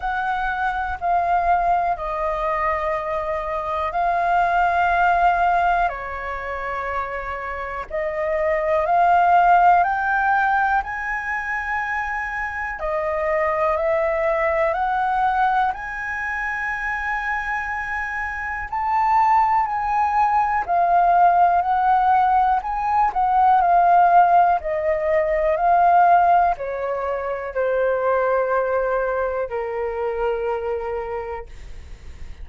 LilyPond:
\new Staff \with { instrumentName = "flute" } { \time 4/4 \tempo 4 = 61 fis''4 f''4 dis''2 | f''2 cis''2 | dis''4 f''4 g''4 gis''4~ | gis''4 dis''4 e''4 fis''4 |
gis''2. a''4 | gis''4 f''4 fis''4 gis''8 fis''8 | f''4 dis''4 f''4 cis''4 | c''2 ais'2 | }